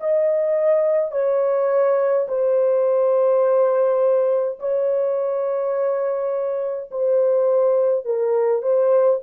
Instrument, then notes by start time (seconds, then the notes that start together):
horn
0.00 D#5
1.11 C#5
2.28 C5
4.59 C#5
6.90 C5
8.05 A#4
8.62 C5